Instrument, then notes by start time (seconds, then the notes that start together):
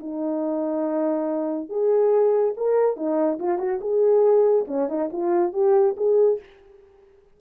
horn
0.00 D#4
1.70 G#4
2.57 A#4
2.97 D#4
3.40 F4
3.59 F#4
3.81 G#4
4.68 C#4
4.89 D#4
5.13 F4
5.53 G4
5.97 G#4